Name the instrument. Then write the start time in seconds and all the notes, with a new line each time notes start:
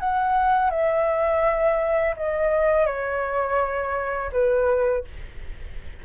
flute
0.00 F#5
0.70 E5
2.17 D#5
2.86 C#5
4.32 B4